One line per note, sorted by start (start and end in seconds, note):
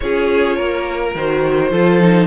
0.00 0.58 C#4
0.00 1.16 F4
0.00 0.56 G#4
0.00 1.11 C#5
0.56 1.14 A#3
0.56 1.70 A#4
1.14 1.71 D#3
1.14 1.72 F#4
1.14 2.27 C5
1.71 2.27 F3
1.71 2.00 F4
1.71 2.27 A4
2.00 2.27 D#4